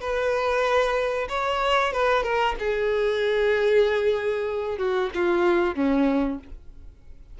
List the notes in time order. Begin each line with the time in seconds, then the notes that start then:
0.00 B4
1.29 C#5
1.93 B4
2.23 A#4
2.59 G#4
4.78 F#4
5.14 F4
5.75 C#4